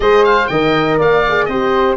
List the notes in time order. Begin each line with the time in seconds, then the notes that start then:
0.00 G#3 G#4 C5 D#5
0.24 F5
0.47 D#3 A#4 D#5 G5
0.98 A#3 D5 F5
1.28 G#4
1.45 C4 C5 D#5
1.51 G4